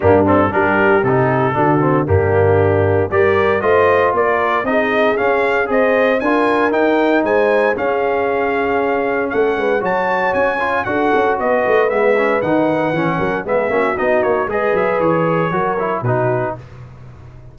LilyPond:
<<
  \new Staff \with { instrumentName = "trumpet" } { \time 4/4 \tempo 4 = 116 g'8 a'8 ais'4 a'2 | g'2 d''4 dis''4 | d''4 dis''4 f''4 dis''4 | gis''4 g''4 gis''4 f''4~ |
f''2 fis''4 a''4 | gis''4 fis''4 dis''4 e''4 | fis''2 e''4 dis''8 cis''8 | dis''8 e''8 cis''2 b'4 | }
  \new Staff \with { instrumentName = "horn" } { \time 4/4 d'4 g'2 fis'4 | d'2 ais'4 c''4 | ais'4 gis'2 c''4 | ais'2 c''4 gis'4~ |
gis'2 a'8 b'8 cis''4~ | cis''4 a'4 b'2~ | b'4. ais'8 gis'8 fis'4. | b'2 ais'4 fis'4 | }
  \new Staff \with { instrumentName = "trombone" } { \time 4/4 ais8 c'8 d'4 dis'4 d'8 c'8 | ais2 g'4 f'4~ | f'4 dis'4 cis'4 gis'4 | f'4 dis'2 cis'4~ |
cis'2. fis'4~ | fis'8 f'8 fis'2 b8 cis'8 | dis'4 cis'4 b8 cis'8 dis'4 | gis'2 fis'8 e'8 dis'4 | }
  \new Staff \with { instrumentName = "tuba" } { \time 4/4 g,4 g4 c4 d4 | g,2 g4 a4 | ais4 c'4 cis'4 c'4 | d'4 dis'4 gis4 cis'4~ |
cis'2 a8 gis8 fis4 | cis'4 d'8 cis'8 b8 a8 gis4 | dis4 e8 fis8 gis8 ais8 b8 ais8 | gis8 fis8 e4 fis4 b,4 | }
>>